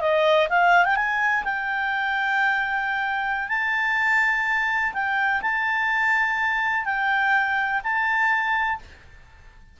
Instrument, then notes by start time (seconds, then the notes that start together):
clarinet
0.00 D#5
0.49 F5
0.85 G5
0.95 G#5
1.44 G5
3.48 A5
4.93 G5
5.42 A5
6.85 G5
7.83 A5